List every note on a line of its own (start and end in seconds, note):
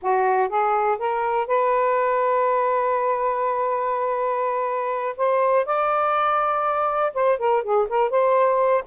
0.01 0.49 F#4
0.49 0.98 G#4
0.98 1.47 A#4
1.47 5.16 B4
5.16 5.65 C5
5.65 7.13 D5
7.13 7.38 C5
7.38 7.63 A#4
7.63 7.87 G#4
7.88 8.10 A#4
8.10 8.83 C5